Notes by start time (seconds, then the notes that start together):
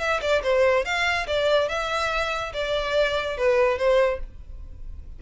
0.00 E5
0.22 D5
0.43 C5
0.85 F5
1.27 D5
1.69 E5
2.54 D5
3.38 B4
3.78 C5